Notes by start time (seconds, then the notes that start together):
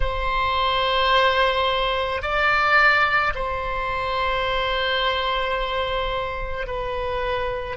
0.00 C5
2.22 D5
3.34 C5
6.66 B4